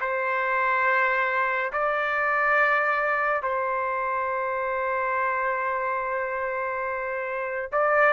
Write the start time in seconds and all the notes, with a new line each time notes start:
0.00 C5
1.72 D5
3.42 C5
7.72 D5